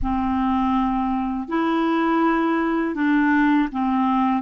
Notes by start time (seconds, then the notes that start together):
0.02 C4
1.48 E4
2.95 D4
3.72 C4